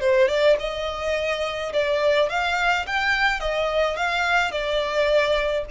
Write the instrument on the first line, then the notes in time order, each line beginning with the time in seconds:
violin
0.00 C5
0.28 D5
0.59 D#5
1.73 D5
2.29 F5
2.86 G5
3.40 D#5
3.96 F5
4.51 D5